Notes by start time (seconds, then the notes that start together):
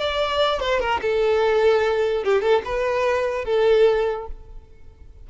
0.00 D5
0.60 C5
0.80 A#4
1.01 A4
2.24 G4
2.41 A4
2.65 B4
3.44 A4